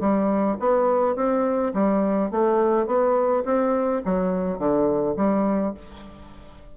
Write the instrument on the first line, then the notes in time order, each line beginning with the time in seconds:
bassoon
0.00 G3
0.59 B3
1.16 C4
1.74 G3
2.31 A3
2.86 B3
3.45 C4
4.05 F#3
4.58 D3
5.17 G3